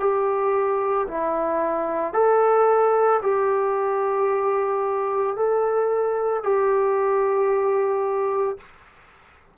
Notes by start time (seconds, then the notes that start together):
0.00 G4
1.08 E4
2.14 A4
3.22 G4
5.36 A4
6.43 G4